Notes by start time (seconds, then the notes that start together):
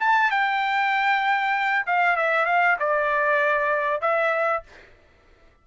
0.00 A5
0.31 G5
1.87 F5
2.16 E5
2.46 F5
2.80 D5
4.01 E5